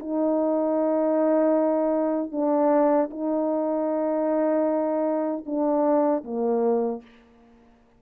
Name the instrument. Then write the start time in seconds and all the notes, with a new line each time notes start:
horn
0.00 D#4
2.32 D4
3.11 D#4
5.46 D4
6.24 A#3